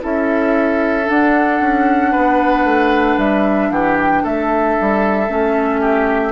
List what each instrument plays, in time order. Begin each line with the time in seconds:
0.00 bassoon C#4, clarinet E4, oboe A4, flute E5
1.04 clarinet D4, bassoon D4, flute F#5
1.61 bassoon C#4
2.11 bassoon B3, oboe B4
2.64 bassoon A3
3.18 bassoon G3, flute E5
3.70 bassoon E3, oboe G4, flute F#5
3.99 flute G5
4.23 bassoon A3, oboe A4, flute E5
4.81 bassoon G3
5.28 bassoon A3, clarinet C#4
5.81 oboe G4